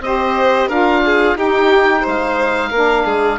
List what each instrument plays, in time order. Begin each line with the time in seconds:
0.00 bassoon C4, saxophone G4, violin C5, oboe D#5
0.68 bassoon D4, saxophone F4, violin A#4, oboe F5
1.05 violin G#4
1.35 bassoon D#4, saxophone D#4, violin G4, oboe G5
2.02 bassoon G#3, violin C5
2.08 oboe F5
2.70 bassoon A#3, saxophone D4, violin A#4
3.05 bassoon G#3, violin G#4